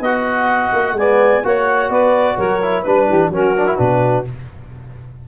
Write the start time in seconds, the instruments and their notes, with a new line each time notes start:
0.00 tuba B3, trombone F#4, saxophone D#5, clarinet F#5
0.73 tuba A#3
0.92 tuba G#3, saxophone D5, clarinet G#5
0.99 trombone B3
1.44 tuba A#3, trombone F#4, saxophone C#5, clarinet F#5
1.89 tuba B3, saxophone B4, clarinet D5
2.37 tuba F#3, saxophone A#4, clarinet C#5
2.62 trombone E4
2.82 tuba G3, trombone D4, clarinet B4, saxophone B4
3.07 tuba E3, saxophone G4
3.30 tuba F#3, trombone C#4, saxophone F#4, clarinet A#4
3.56 trombone D4
3.67 trombone E4
3.77 tuba B2, trombone D4, clarinet B4